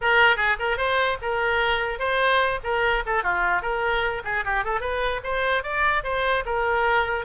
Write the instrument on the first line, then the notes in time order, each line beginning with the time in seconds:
oboe
0.01 A#4
0.36 G#4
0.59 A#4
0.77 C5
1.21 A#4
1.99 C5
2.63 A#4
3.06 A4
3.23 F4
3.61 A#4
4.24 G#4
4.44 G4
4.64 A4
4.80 B4
5.23 C5
5.63 D5
6.03 C5
6.45 A#4